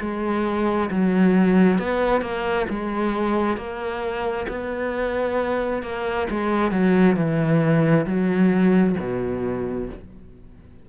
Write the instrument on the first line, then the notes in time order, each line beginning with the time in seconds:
cello
0.00 G#3
0.90 F#3
1.79 B3
2.21 A#3
2.69 G#3
3.57 A#3
4.48 B3
5.82 A#3
6.30 G#3
6.72 F#3
7.16 E3
8.06 F#3
8.99 B2